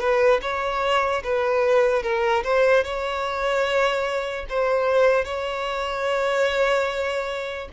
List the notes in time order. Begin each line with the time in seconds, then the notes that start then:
0.00 B4
0.42 C#5
1.23 B4
2.03 A#4
2.44 C5
2.84 C#5
4.49 C5
5.25 C#5